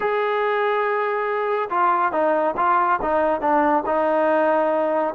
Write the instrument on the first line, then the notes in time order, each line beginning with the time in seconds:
trombone
0.00 G#4
1.70 F4
2.12 D#4
2.56 F4
3.02 D#4
3.41 D4
3.86 D#4